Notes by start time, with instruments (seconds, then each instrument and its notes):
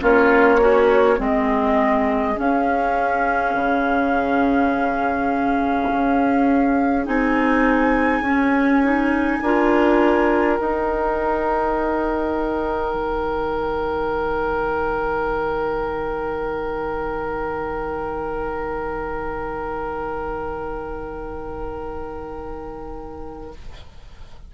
0.00 bassoon A#3, clarinet C#4, oboe F4, flute C#5
0.60 oboe C#4, clarinet F#4
1.17 bassoon G#3, clarinet C4, oboe G#4, flute D#5
2.36 clarinet C#4, bassoon C#4, flute F5
3.54 bassoon C#3
5.90 bassoon C#4
7.05 bassoon C4, clarinet D#4, flute G#5
8.21 bassoon C#4, clarinet C#4
8.83 clarinet D#4
9.41 bassoon D4, clarinet F4, oboe A#4
10.57 clarinet D#4, bassoon D#4, flute G5
12.94 bassoon D#3